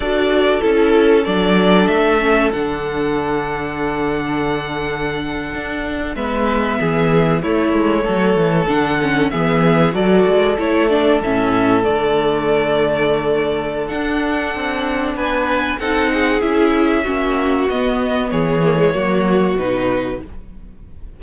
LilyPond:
<<
  \new Staff \with { instrumentName = "violin" } { \time 4/4 \tempo 4 = 95 d''4 a'4 d''4 e''4 | fis''1~ | fis''4.~ fis''16 e''2 cis''16~ | cis''4.~ cis''16 fis''4 e''4 d''16~ |
d''8. cis''8 d''8 e''4 d''4~ d''16~ | d''2 fis''2 | gis''4 fis''4 e''2 | dis''4 cis''2 b'4 | }
  \new Staff \with { instrumentName = "violin" } { \time 4/4 a'1~ | a'1~ | a'4.~ a'16 b'4 gis'4 e'16~ | e'8. a'2 gis'4 a'16~ |
a'1~ | a'1 | b'4 a'8 gis'4. fis'4~ | fis'4 gis'4 fis'2 | }
  \new Staff \with { instrumentName = "viola" } { \time 4/4 fis'4 e'4 d'4. cis'8 | d'1~ | d'4.~ d'16 b2 a16~ | a4.~ a16 d'8 cis'8 b4 fis'16~ |
fis'8. e'8 d'8 cis'4 a4~ a16~ | a2 d'2~ | d'4 dis'4 e'4 cis'4 | b4. ais16 gis16 ais4 dis'4 | }
  \new Staff \with { instrumentName = "cello" } { \time 4/4 d'4 cis'4 fis4 a4 | d1~ | d8. d'4 gis4 e4 a16~ | a16 gis8 fis8 e8 d4 e4 fis16~ |
fis16 gis8 a4 a,4 d4~ d16~ | d2 d'4 c'4 | b4 c'4 cis'4 ais4 | b4 e4 fis4 b,4 | }
>>